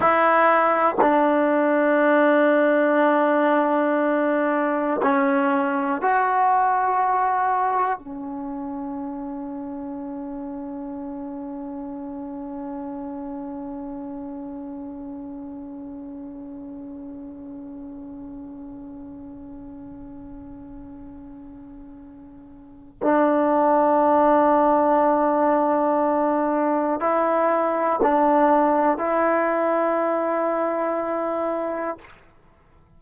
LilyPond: \new Staff \with { instrumentName = "trombone" } { \time 4/4 \tempo 4 = 60 e'4 d'2.~ | d'4 cis'4 fis'2 | cis'1~ | cis'1~ |
cis'1~ | cis'2. d'4~ | d'2. e'4 | d'4 e'2. | }